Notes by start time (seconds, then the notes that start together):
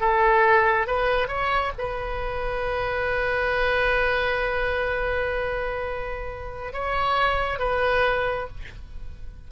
0.00 A4
0.87 B4
1.28 C#5
1.78 B4
6.73 C#5
7.59 B4